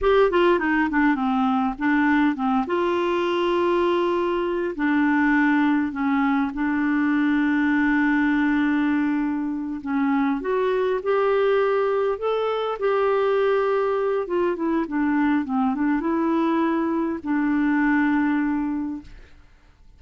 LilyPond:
\new Staff \with { instrumentName = "clarinet" } { \time 4/4 \tempo 4 = 101 g'8 f'8 dis'8 d'8 c'4 d'4 | c'8 f'2.~ f'8 | d'2 cis'4 d'4~ | d'1~ |
d'8 cis'4 fis'4 g'4.~ | g'8 a'4 g'2~ g'8 | f'8 e'8 d'4 c'8 d'8 e'4~ | e'4 d'2. | }